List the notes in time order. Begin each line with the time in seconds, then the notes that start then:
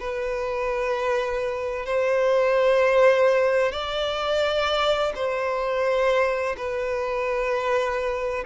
0.00 B4
1.86 C5
3.72 D5
5.16 C5
6.58 B4